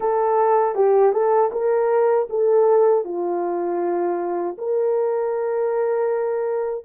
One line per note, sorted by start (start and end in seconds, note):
0.00 0.75 A4
0.75 1.12 G4
1.12 1.50 A4
1.52 2.28 A#4
2.29 3.04 A4
3.04 4.56 F4
4.58 6.84 A#4